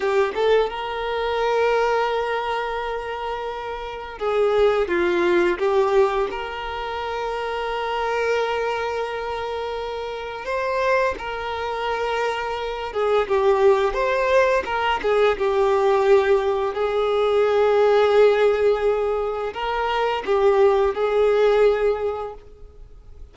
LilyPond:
\new Staff \with { instrumentName = "violin" } { \time 4/4 \tempo 4 = 86 g'8 a'8 ais'2.~ | ais'2 gis'4 f'4 | g'4 ais'2.~ | ais'2. c''4 |
ais'2~ ais'8 gis'8 g'4 | c''4 ais'8 gis'8 g'2 | gis'1 | ais'4 g'4 gis'2 | }